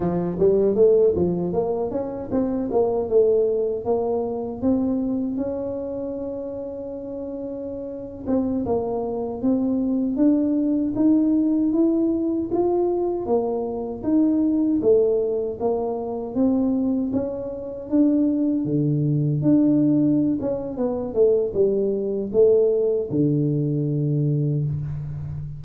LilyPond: \new Staff \with { instrumentName = "tuba" } { \time 4/4 \tempo 4 = 78 f8 g8 a8 f8 ais8 cis'8 c'8 ais8 | a4 ais4 c'4 cis'4~ | cis'2~ cis'8. c'8 ais8.~ | ais16 c'4 d'4 dis'4 e'8.~ |
e'16 f'4 ais4 dis'4 a8.~ | a16 ais4 c'4 cis'4 d'8.~ | d'16 d4 d'4~ d'16 cis'8 b8 a8 | g4 a4 d2 | }